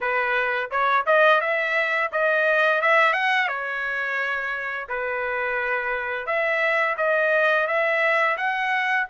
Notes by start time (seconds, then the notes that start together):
0.00 B4
0.70 C#5
1.06 D#5
1.40 E5
2.12 D#5
2.81 E5
3.13 F#5
3.48 C#5
4.88 B4
6.26 E5
6.97 D#5
7.67 E5
8.37 F#5